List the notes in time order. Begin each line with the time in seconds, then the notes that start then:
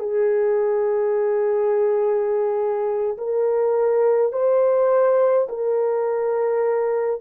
0.00 G#4
3.18 A#4
4.33 C5
5.49 A#4